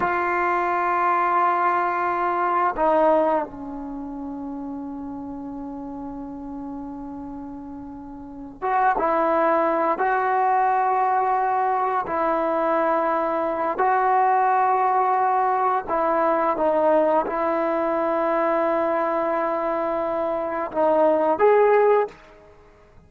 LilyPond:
\new Staff \with { instrumentName = "trombone" } { \time 4/4 \tempo 4 = 87 f'1 | dis'4 cis'2.~ | cis'1~ | cis'8 fis'8 e'4. fis'4.~ |
fis'4. e'2~ e'8 | fis'2. e'4 | dis'4 e'2.~ | e'2 dis'4 gis'4 | }